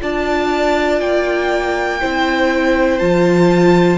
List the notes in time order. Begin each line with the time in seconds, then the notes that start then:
0.00 D4 F4 D5 A5
1.00 A#3 G5
2.00 C4 E4 C5
2.98 F3 F4 A5